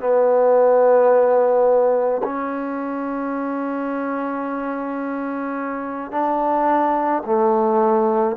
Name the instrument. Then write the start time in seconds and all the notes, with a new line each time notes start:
trombone
0.00 B3
2.24 C#4
6.12 D4
7.25 A3